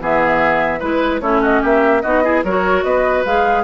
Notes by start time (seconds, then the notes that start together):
0.00 E3 B3 G#4 E5
0.79 G#3 E4 B4
1.20 A3 C#4 E4 C#5
1.41 F#4 D#5
1.61 A#3 G4 E5
2.01 B3 D#4 F#4 D#5
2.23 E4 G#4
2.43 F#3 F#4 A#4 C#5
2.83 B3 B4 D#5
3.25 G#3 G#4 F5